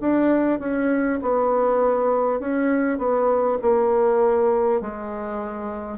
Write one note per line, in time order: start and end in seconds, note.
0.00 0.59 D4
0.59 1.19 C#4
1.22 2.40 B3
2.40 2.98 C#4
2.98 3.58 B3
3.62 4.81 A#3
4.81 5.98 G#3